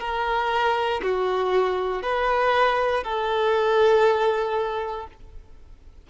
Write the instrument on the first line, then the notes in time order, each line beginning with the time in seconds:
violin
0.00 A#4
1.03 F#4
2.02 B4
3.04 A4